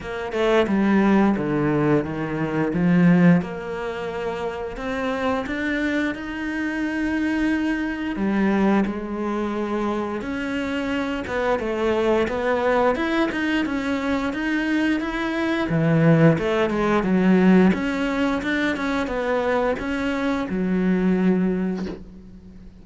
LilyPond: \new Staff \with { instrumentName = "cello" } { \time 4/4 \tempo 4 = 88 ais8 a8 g4 d4 dis4 | f4 ais2 c'4 | d'4 dis'2. | g4 gis2 cis'4~ |
cis'8 b8 a4 b4 e'8 dis'8 | cis'4 dis'4 e'4 e4 | a8 gis8 fis4 cis'4 d'8 cis'8 | b4 cis'4 fis2 | }